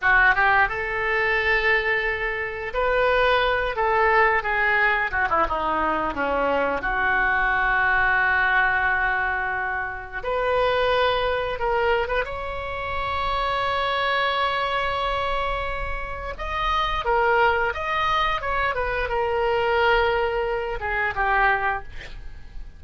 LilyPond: \new Staff \with { instrumentName = "oboe" } { \time 4/4 \tempo 4 = 88 fis'8 g'8 a'2. | b'4. a'4 gis'4 fis'16 e'16 | dis'4 cis'4 fis'2~ | fis'2. b'4~ |
b'4 ais'8. b'16 cis''2~ | cis''1 | dis''4 ais'4 dis''4 cis''8 b'8 | ais'2~ ais'8 gis'8 g'4 | }